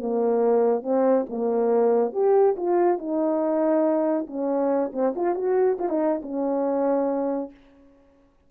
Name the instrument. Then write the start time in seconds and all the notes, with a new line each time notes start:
horn
0.00 A#3
0.83 C4
1.30 A#3
2.13 G4
2.57 F4
2.98 D#4
4.27 C#4
4.93 C4
5.16 F4
5.35 F#4
5.79 F4
5.89 D#4
6.22 C#4